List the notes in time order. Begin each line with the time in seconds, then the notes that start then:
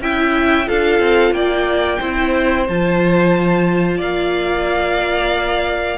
0.00 C#4 E4 E5 G5
0.66 D4 F4 A4 F5
0.99 C4
1.31 A#3 D5 G5
1.99 C4 E4 C5
2.68 F3 F4 A5
3.97 A#3 D5 F5